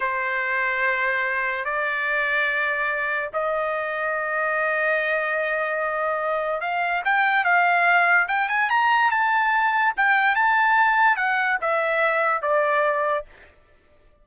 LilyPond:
\new Staff \with { instrumentName = "trumpet" } { \time 4/4 \tempo 4 = 145 c''1 | d''1 | dis''1~ | dis''1 |
f''4 g''4 f''2 | g''8 gis''8 ais''4 a''2 | g''4 a''2 fis''4 | e''2 d''2 | }